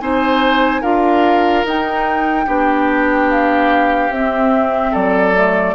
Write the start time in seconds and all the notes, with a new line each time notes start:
0.00 C4 D#4 C5 G#5
0.81 D4 F4 A#4 F5
1.64 D#4 G5
2.46 B3 D4 G4
3.30 F5
4.10 C4 E5
4.91 F#3 A4 D5
5.35 A3